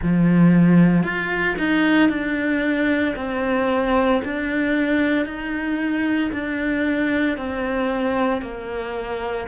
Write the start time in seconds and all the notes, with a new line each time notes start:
0.02 F3
1.02 F4
1.58 D#4
2.09 D4
3.16 C4
4.24 D4
5.25 D#4
6.32 D4
7.37 C4
8.41 A#3